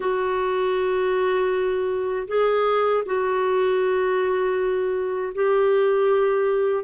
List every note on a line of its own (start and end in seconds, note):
0.00 2.27 F#4
2.27 3.03 G#4
3.05 5.33 F#4
5.34 6.84 G4